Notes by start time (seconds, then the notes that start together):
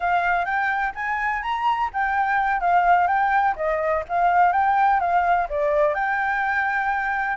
0.00 F5
0.45 G5
0.94 G#5
1.42 A#5
1.93 G5
2.60 F5
3.07 G5
3.56 D#5
4.08 F5
4.52 G5
5.00 F5
5.49 D5
5.94 G5